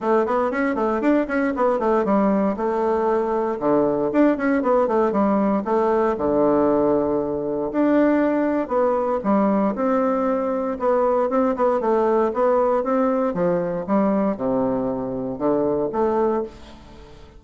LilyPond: \new Staff \with { instrumentName = "bassoon" } { \time 4/4 \tempo 4 = 117 a8 b8 cis'8 a8 d'8 cis'8 b8 a8 | g4 a2 d4 | d'8 cis'8 b8 a8 g4 a4 | d2. d'4~ |
d'4 b4 g4 c'4~ | c'4 b4 c'8 b8 a4 | b4 c'4 f4 g4 | c2 d4 a4 | }